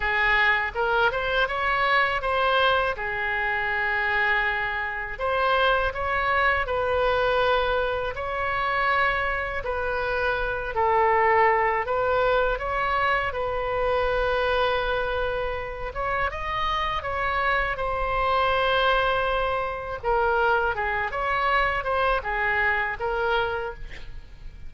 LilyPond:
\new Staff \with { instrumentName = "oboe" } { \time 4/4 \tempo 4 = 81 gis'4 ais'8 c''8 cis''4 c''4 | gis'2. c''4 | cis''4 b'2 cis''4~ | cis''4 b'4. a'4. |
b'4 cis''4 b'2~ | b'4. cis''8 dis''4 cis''4 | c''2. ais'4 | gis'8 cis''4 c''8 gis'4 ais'4 | }